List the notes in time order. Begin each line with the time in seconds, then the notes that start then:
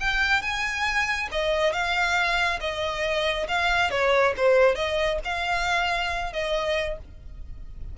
0.00 G5
0.42 G#5
1.32 D#5
1.73 F5
2.60 D#5
3.48 F5
3.91 C#5
4.37 C5
4.75 D#5
5.25 F5
6.33 D#5